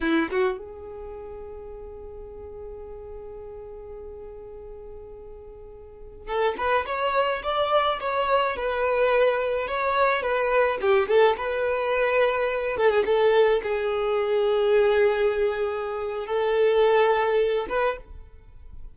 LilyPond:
\new Staff \with { instrumentName = "violin" } { \time 4/4 \tempo 4 = 107 e'8 fis'8 gis'2.~ | gis'1~ | gis'2.~ gis'16 a'8 b'16~ | b'16 cis''4 d''4 cis''4 b'8.~ |
b'4~ b'16 cis''4 b'4 g'8 a'16~ | a'16 b'2~ b'8 a'16 gis'16 a'8.~ | a'16 gis'2.~ gis'8.~ | gis'4 a'2~ a'8 b'8 | }